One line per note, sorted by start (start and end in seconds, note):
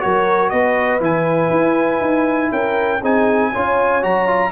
0.00 0.52 F#3
0.00 1.00 F#4
0.00 0.52 A#4
0.00 0.49 C#5
0.49 1.00 B3
0.49 2.52 B4
0.49 0.99 D#5
1.00 1.50 E3
1.00 3.00 E4
1.00 2.52 G#5
1.50 2.00 E4
2.01 2.51 D#4
2.51 3.01 C#4
2.51 3.01 A#4
2.51 3.02 G5
3.01 3.52 C4
3.01 3.53 D#4
3.01 3.51 G#4
3.01 4.03 G#5
3.52 4.04 C#4
3.52 4.02 F4
3.52 4.51 C#5
4.02 4.51 F#3
4.02 4.27 F#4
4.02 4.51 A#5
4.27 4.51 F4